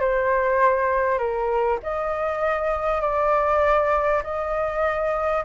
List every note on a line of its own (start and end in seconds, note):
0.00 1.18 C5
1.18 1.79 A#4
1.83 3.01 D#5
3.01 4.22 D5
4.23 5.44 D#5